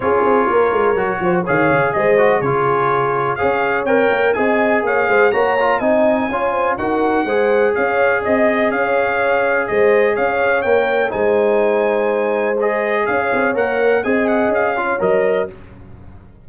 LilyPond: <<
  \new Staff \with { instrumentName = "trumpet" } { \time 4/4 \tempo 4 = 124 cis''2. f''4 | dis''4 cis''2 f''4 | g''4 gis''4 f''4 ais''4 | gis''2 fis''2 |
f''4 dis''4 f''2 | dis''4 f''4 g''4 gis''4~ | gis''2 dis''4 f''4 | fis''4 gis''8 fis''8 f''4 dis''4 | }
  \new Staff \with { instrumentName = "horn" } { \time 4/4 gis'4 ais'4. c''8 cis''4 | c''4 gis'2 cis''4~ | cis''4 dis''4 cis''8 c''8 cis''4 | dis''4 cis''8 c''8 ais'4 c''4 |
cis''4 dis''4 cis''2 | c''4 cis''2 c''4~ | c''2. cis''4~ | cis''4 dis''4. cis''4. | }
  \new Staff \with { instrumentName = "trombone" } { \time 4/4 f'2 fis'4 gis'4~ | gis'8 fis'8 f'2 gis'4 | ais'4 gis'2 fis'8 f'8 | dis'4 f'4 fis'4 gis'4~ |
gis'1~ | gis'2 ais'4 dis'4~ | dis'2 gis'2 | ais'4 gis'4. f'8 ais'4 | }
  \new Staff \with { instrumentName = "tuba" } { \time 4/4 cis'8 c'8 ais8 gis8 fis8 f8 dis8 cis8 | gis4 cis2 cis'4 | c'8 ais8 c'4 ais8 gis8 ais4 | c'4 cis'4 dis'4 gis4 |
cis'4 c'4 cis'2 | gis4 cis'4 ais4 gis4~ | gis2. cis'8 c'8 | ais4 c'4 cis'4 fis4 | }
>>